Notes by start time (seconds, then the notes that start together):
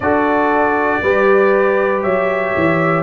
0.00 D4 F#4 A4 D5
1.02 G3 G4 B4
2.02 F#3 C#5 E5
2.56 E3